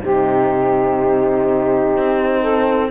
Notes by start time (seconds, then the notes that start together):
0.00 C3 D#4 G4 C5
1.97 C4
2.41 A4